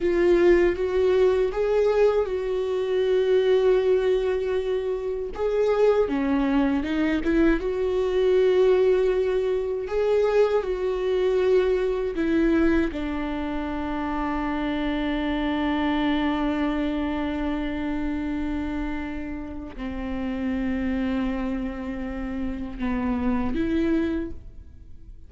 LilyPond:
\new Staff \with { instrumentName = "viola" } { \time 4/4 \tempo 4 = 79 f'4 fis'4 gis'4 fis'4~ | fis'2. gis'4 | cis'4 dis'8 e'8 fis'2~ | fis'4 gis'4 fis'2 |
e'4 d'2.~ | d'1~ | d'2 c'2~ | c'2 b4 e'4 | }